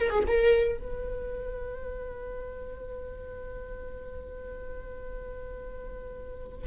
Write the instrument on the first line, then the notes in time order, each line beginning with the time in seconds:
viola
0.00 A#4
0.10 G#4
0.27 A#4
0.78 B4